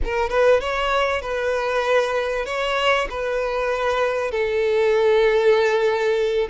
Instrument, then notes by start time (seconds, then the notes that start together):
violin
0.04 A#4
0.29 B4
0.60 C#5
1.21 B4
2.45 C#5
3.10 B4
4.31 A4